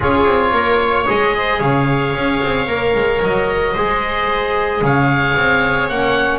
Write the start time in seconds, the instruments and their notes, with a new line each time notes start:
0.00 double bass C#4, trombone F4, viola G#4, oboe C#5
0.25 double bass C4
0.52 double bass A#3, viola A#4
0.81 viola C#5
1.06 double bass G#3, trombone G#4, oboe D#5
1.37 viola C5
1.58 double bass C#3, viola C#5, oboe F5
2.15 double bass C#4
2.43 double bass C4
2.66 double bass A#3, trombone A#4
2.94 double bass G#3
3.21 double bass F#3, oboe D#5
3.73 double bass G#3, trombone G#4, viola C5
4.81 double bass C#3, viola C#5, oboe F5
5.36 double bass C4
5.89 double bass A#3, trombone C#4, oboe F#5